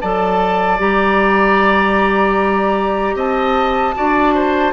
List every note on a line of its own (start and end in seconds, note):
0.00 0.79 F#3
0.00 0.78 A4
0.00 3.15 D5
0.00 0.79 A5
0.78 3.14 G3
0.78 3.94 G4
0.78 3.17 A#5
3.14 3.93 C4
3.14 3.94 D#5
3.14 4.72 A5
3.94 4.72 D4
3.94 4.72 F#4
3.94 4.34 D5
4.34 4.72 C5